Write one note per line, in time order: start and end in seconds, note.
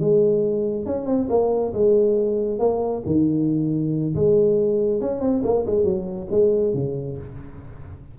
0.00 0.86 G#3
0.86 1.07 C#4
1.07 1.28 C4
1.30 1.73 A#3
1.74 2.59 G#3
2.59 3.03 A#3
3.06 4.15 D#3
4.15 5.01 G#3
5.01 5.21 C#4
5.21 5.43 C4
5.44 5.66 A#3
5.67 5.84 G#3
5.84 6.28 F#3
6.31 6.74 G#3
6.74 7.18 C#3